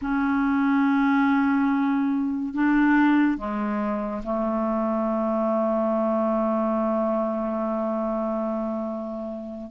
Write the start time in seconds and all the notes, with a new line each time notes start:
0.01 C#4
2.54 D4
3.37 G#3
4.23 A3